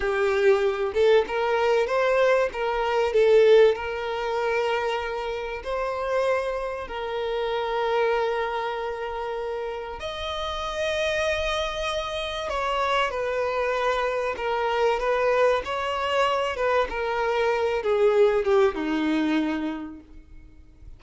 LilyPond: \new Staff \with { instrumentName = "violin" } { \time 4/4 \tempo 4 = 96 g'4. a'8 ais'4 c''4 | ais'4 a'4 ais'2~ | ais'4 c''2 ais'4~ | ais'1 |
dis''1 | cis''4 b'2 ais'4 | b'4 cis''4. b'8 ais'4~ | ais'8 gis'4 g'8 dis'2 | }